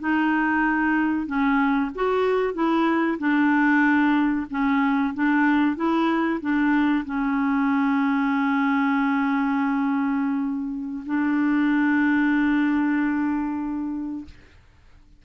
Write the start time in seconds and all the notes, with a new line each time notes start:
0.00 D#4
1.27 C#4
1.95 F#4
2.54 E4
3.19 D4
4.51 C#4
5.14 D4
5.76 E4
6.41 D4
7.06 C#4
11.06 D4